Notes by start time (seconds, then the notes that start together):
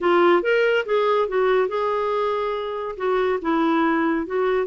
0.01 F4
0.42 A#4
0.85 G#4
1.28 F#4
1.68 G#4
2.97 F#4
3.41 E4
4.26 F#4